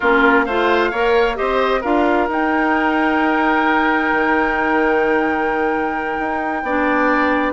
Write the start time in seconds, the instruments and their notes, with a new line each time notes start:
0.00 bassoon A#3, clarinet C#4, oboe F4, flute A#4
0.44 bassoon A3, clarinet F4, oboe C5, flute F5
0.91 bassoon A#3, clarinet A#4, oboe C#5
1.35 bassoon C4, clarinet G4, oboe C5, flute D#5
1.80 bassoon D4, clarinet F4, oboe A#4, flute F5
2.28 bassoon D#4, clarinet D#4, flute G5
4.11 bassoon D#3
6.19 bassoon D#4
6.62 bassoon B3, clarinet D4, oboe D5